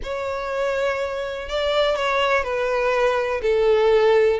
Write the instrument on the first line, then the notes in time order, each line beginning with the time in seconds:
violin
0.03 C#5
1.49 D5
1.95 C#5
2.43 B4
3.41 A4